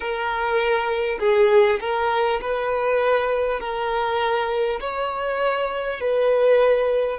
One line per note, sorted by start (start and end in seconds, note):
0.00 1.18 A#4
1.19 1.79 G#4
1.80 2.40 A#4
2.41 3.60 B4
3.60 4.80 A#4
4.80 6.00 C#5
6.00 7.19 B4